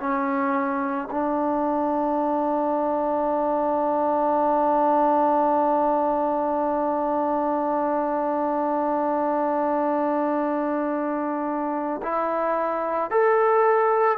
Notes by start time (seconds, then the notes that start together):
0.00 C#4
1.11 D4
12.03 E4
13.11 A4